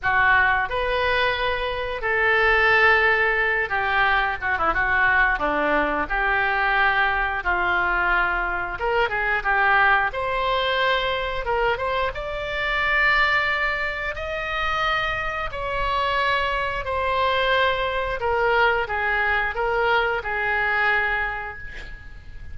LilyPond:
\new Staff \with { instrumentName = "oboe" } { \time 4/4 \tempo 4 = 89 fis'4 b'2 a'4~ | a'4. g'4 fis'16 e'16 fis'4 | d'4 g'2 f'4~ | f'4 ais'8 gis'8 g'4 c''4~ |
c''4 ais'8 c''8 d''2~ | d''4 dis''2 cis''4~ | cis''4 c''2 ais'4 | gis'4 ais'4 gis'2 | }